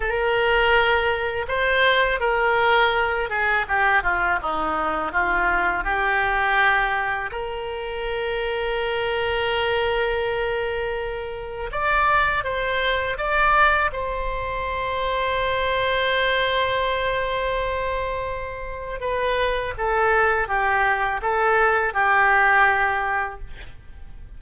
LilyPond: \new Staff \with { instrumentName = "oboe" } { \time 4/4 \tempo 4 = 82 ais'2 c''4 ais'4~ | ais'8 gis'8 g'8 f'8 dis'4 f'4 | g'2 ais'2~ | ais'1 |
d''4 c''4 d''4 c''4~ | c''1~ | c''2 b'4 a'4 | g'4 a'4 g'2 | }